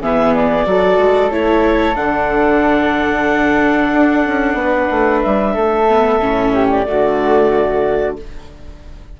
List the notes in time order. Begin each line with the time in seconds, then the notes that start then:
0.00 E3 B3 G#4 E5
0.34 D5
0.65 F#3 F#4 A4
0.98 G#3
1.30 A3 E4 C#5
1.95 D3 D4 F#5
3.92 D4
4.26 C#4
4.54 B3 B4
4.90 A3
5.21 G3 E5
5.54 A3 A4
5.88 B3
6.20 A2 C#4
6.53 G4
6.69 D5
6.86 D3 A3 F#4